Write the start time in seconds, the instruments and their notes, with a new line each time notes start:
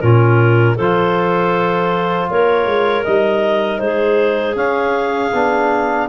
0.00 tuba A#2, trombone C#4, clarinet F4 A#4
0.75 tuba F3, trombone F4, clarinet A4 C5
2.30 tuba A#3, clarinet A#4 C#5
2.66 tuba G#3
3.04 tuba G3, trombone D#4, clarinet D#5
3.79 tuba G#3, clarinet G#4 C5
4.56 trombone C#4, tuba C#4, clarinet F5
5.34 tuba B3, trombone D4